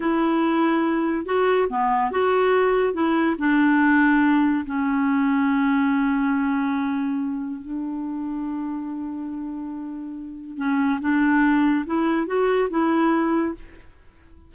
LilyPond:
\new Staff \with { instrumentName = "clarinet" } { \time 4/4 \tempo 4 = 142 e'2. fis'4 | b4 fis'2 e'4 | d'2. cis'4~ | cis'1~ |
cis'2 d'2~ | d'1~ | d'4 cis'4 d'2 | e'4 fis'4 e'2 | }